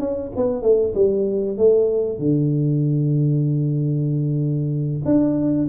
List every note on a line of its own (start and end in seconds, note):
0.00 0.32 C#4
0.36 0.62 B3
0.62 0.94 A3
0.95 1.57 G3
1.57 2.18 A3
2.18 5.03 D3
5.05 5.68 D4